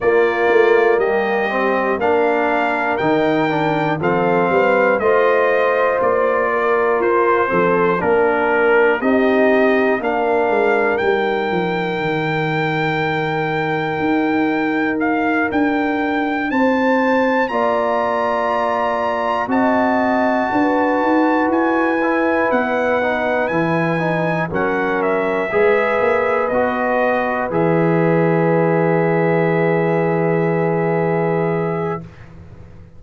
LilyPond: <<
  \new Staff \with { instrumentName = "trumpet" } { \time 4/4 \tempo 4 = 60 d''4 dis''4 f''4 g''4 | f''4 dis''4 d''4 c''4 | ais'4 dis''4 f''4 g''4~ | g''2. f''8 g''8~ |
g''8 a''4 ais''2 a''8~ | a''4. gis''4 fis''4 gis''8~ | gis''8 fis''8 e''4. dis''4 e''8~ | e''1 | }
  \new Staff \with { instrumentName = "horn" } { \time 4/4 f'4 g'4 ais'2 | a'8 b'8 c''4. ais'4 a'8 | ais'4 g'4 ais'2~ | ais'1~ |
ais'8 c''4 d''2 dis''8~ | dis''8 b'2.~ b'8~ | b'8 ais'4 b'2~ b'8~ | b'1 | }
  \new Staff \with { instrumentName = "trombone" } { \time 4/4 ais4. c'8 d'4 dis'8 d'8 | c'4 f'2~ f'8 c'8 | d'4 dis'4 d'4 dis'4~ | dis'1~ |
dis'4. f'2 fis'8~ | fis'2 e'4 dis'8 e'8 | dis'8 cis'4 gis'4 fis'4 gis'8~ | gis'1 | }
  \new Staff \with { instrumentName = "tuba" } { \time 4/4 ais8 a8 g4 ais4 dis4 | f8 g8 a4 ais4 f'8 f8 | ais4 c'4 ais8 gis8 g8 f8 | dis2 dis'4. d'8~ |
d'8 c'4 ais2 c'8~ | c'8 d'8 dis'8 e'4 b4 e8~ | e8 fis4 gis8 ais8 b4 e8~ | e1 | }
>>